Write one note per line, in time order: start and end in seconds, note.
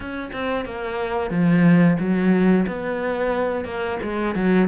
0.00 0.31 C#4
0.32 0.65 C4
0.65 1.30 A#3
1.30 1.97 F3
1.99 2.65 F#3
2.67 3.65 B3
3.65 3.98 A#3
4.02 4.35 G#3
4.35 4.68 F#3